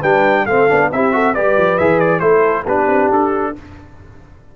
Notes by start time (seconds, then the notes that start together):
0.00 G3 D4 B4 G5
0.45 A3 C4 A4 F5
0.69 B3 D4
0.92 C4 E4 G4 E5
1.12 F#4 A4
1.33 G3 G4 B4 D5
1.57 F3
1.78 E3 G#4 E5
1.99 D5
2.19 A3 E4 A4 C5
2.65 B3 D4 G4 B4
2.86 C4
3.09 D4 A4